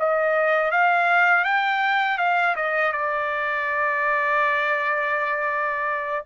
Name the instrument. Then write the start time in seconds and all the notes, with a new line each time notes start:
trumpet
0.00 D#5
0.71 F5
1.45 G5
2.19 F5
2.57 D#5
2.93 D5